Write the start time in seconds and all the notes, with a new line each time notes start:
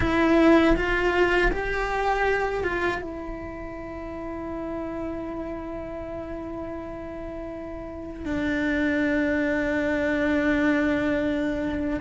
0.00 E4
0.76 F4
1.51 G4
2.63 F4
3.01 E4
8.25 D4